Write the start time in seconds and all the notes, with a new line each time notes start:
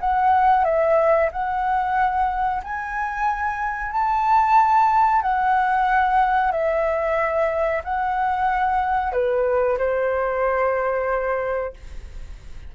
0.00 F#5
0.64 E5
1.32 F#5
2.63 G#5
3.91 A5
5.22 F#5
6.51 E5
7.84 F#5
9.12 B4
9.77 C5